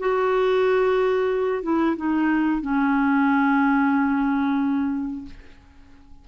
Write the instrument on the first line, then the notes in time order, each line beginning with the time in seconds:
clarinet
0.00 F#4
1.63 E4
1.97 D#4
2.62 C#4